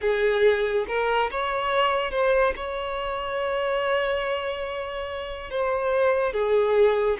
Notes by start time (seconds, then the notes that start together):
0.01 G#4
0.87 A#4
1.30 C#5
2.11 C5
2.55 C#5
5.50 C5
6.32 G#4